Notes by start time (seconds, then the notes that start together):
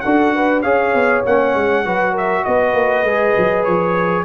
0.00 D4 F#4 A4 F#5
0.35 B4
0.62 C#4 G#4 C#5 F5
0.94 B3
1.25 A#3 C#4 F#5
1.55 G#3
1.85 F#3 F#4 B4
2.12 A#4 E5
2.44 B3 B4 D#5
2.73 A#3
3.04 G#3 G#4
3.37 F#3
3.64 F3 C#5